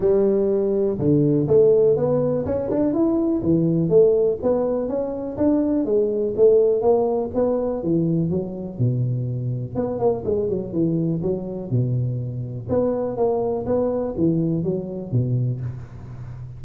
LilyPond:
\new Staff \with { instrumentName = "tuba" } { \time 4/4 \tempo 4 = 123 g2 d4 a4 | b4 cis'8 d'8 e'4 e4 | a4 b4 cis'4 d'4 | gis4 a4 ais4 b4 |
e4 fis4 b,2 | b8 ais8 gis8 fis8 e4 fis4 | b,2 b4 ais4 | b4 e4 fis4 b,4 | }